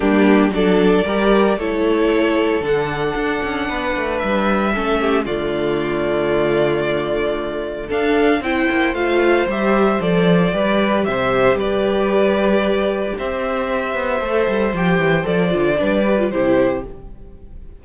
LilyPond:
<<
  \new Staff \with { instrumentName = "violin" } { \time 4/4 \tempo 4 = 114 g'4 d''2 cis''4~ | cis''4 fis''2. | e''2 d''2~ | d''2. f''4 |
g''4 f''4 e''4 d''4~ | d''4 e''4 d''2~ | d''4 e''2. | g''4 d''2 c''4 | }
  \new Staff \with { instrumentName = "violin" } { \time 4/4 d'4 a'4 ais'4 a'4~ | a'2. b'4~ | b'4 a'8 g'8 f'2~ | f'2. a'4 |
c''1 | b'4 c''4 b'2~ | b'4 c''2.~ | c''2 b'4 g'4 | }
  \new Staff \with { instrumentName = "viola" } { \time 4/4 ais4 d'4 g'4 e'4~ | e'4 d'2.~ | d'4 cis'4 a2~ | a2. d'4 |
e'4 f'4 g'4 a'4 | g'1~ | g'2. a'4 | g'4 a'8 f'8 d'8 g'16 f'16 e'4 | }
  \new Staff \with { instrumentName = "cello" } { \time 4/4 g4 fis4 g4 a4~ | a4 d4 d'8 cis'8 b8 a8 | g4 a4 d2~ | d2. d'4 |
c'8 ais8 a4 g4 f4 | g4 c4 g2~ | g4 c'4. b8 a8 g8 | f8 e8 f8 d8 g4 c4 | }
>>